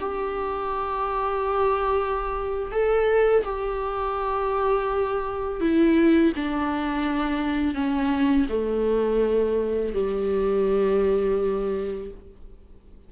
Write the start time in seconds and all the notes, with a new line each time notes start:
0.00 G4
2.71 A4
3.45 G4
5.60 E4
6.35 D4
7.74 C#4
8.49 A3
9.94 G3